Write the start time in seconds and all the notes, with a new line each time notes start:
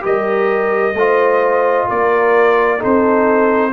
0.00 G3 G4 A#4 D#5
0.93 A3 F4 C5
1.87 A#3 A#4 D5
2.78 C4 D#4 A4 C5